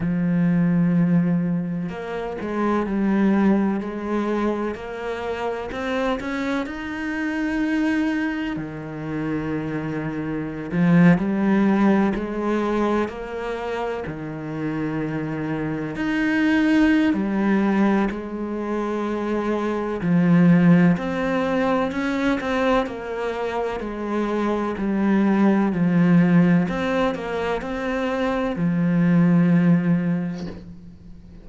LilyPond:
\new Staff \with { instrumentName = "cello" } { \time 4/4 \tempo 4 = 63 f2 ais8 gis8 g4 | gis4 ais4 c'8 cis'8 dis'4~ | dis'4 dis2~ dis16 f8 g16~ | g8. gis4 ais4 dis4~ dis16~ |
dis8. dis'4~ dis'16 g4 gis4~ | gis4 f4 c'4 cis'8 c'8 | ais4 gis4 g4 f4 | c'8 ais8 c'4 f2 | }